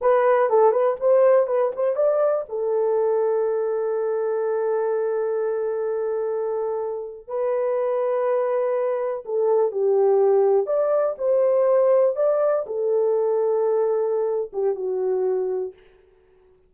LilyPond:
\new Staff \with { instrumentName = "horn" } { \time 4/4 \tempo 4 = 122 b'4 a'8 b'8 c''4 b'8 c''8 | d''4 a'2.~ | a'1~ | a'2~ a'8. b'4~ b'16~ |
b'2~ b'8. a'4 g'16~ | g'4.~ g'16 d''4 c''4~ c''16~ | c''8. d''4 a'2~ a'16~ | a'4. g'8 fis'2 | }